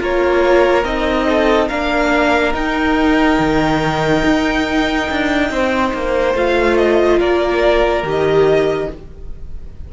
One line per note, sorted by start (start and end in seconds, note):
0.00 0.85 A#3
0.00 0.85 F4
0.00 1.27 A#4
0.00 0.85 C#5
0.85 1.70 C4
0.85 1.70 D#4
0.85 1.69 D#5
1.29 1.69 A4
1.69 2.54 A#3
1.69 2.54 D4
1.69 5.49 A#4
1.69 2.53 F5
2.54 6.34 D#4
2.54 3.39 D#4
2.54 6.36 G5
3.39 4.24 D#3
4.25 5.10 D#4
5.11 5.51 D4
5.51 5.93 C4
5.51 7.19 C5
5.94 6.35 A#3
6.35 7.20 A3
6.35 8.04 F4
6.35 6.78 F5
6.78 7.20 D#5
7.19 8.03 A#3
7.19 8.88 A#4
7.19 8.05 D5
8.03 8.88 D#3
8.03 8.89 G4
8.03 8.94 D#5